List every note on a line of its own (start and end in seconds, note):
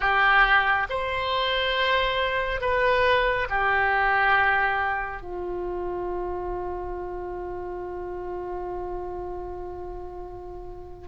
0.00 0.87 G4
0.89 2.60 C5
2.60 3.47 B4
3.49 5.22 G4
5.22 11.08 F4